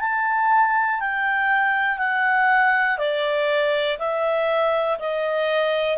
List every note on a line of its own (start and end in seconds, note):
0.00 1.00 A5
1.00 1.98 G5
1.98 2.98 F#5
2.99 3.99 D5
3.99 4.99 E5
5.00 5.98 D#5